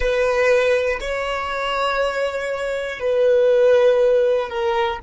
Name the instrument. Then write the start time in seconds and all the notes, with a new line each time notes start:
violin
0.00 B4
1.00 C#5
2.99 B4
4.49 A#4